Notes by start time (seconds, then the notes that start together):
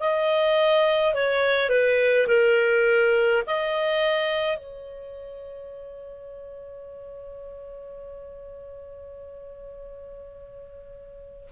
0.00 D#5
1.14 C#5
1.69 B4
2.28 A#4
3.47 D#5
4.57 C#5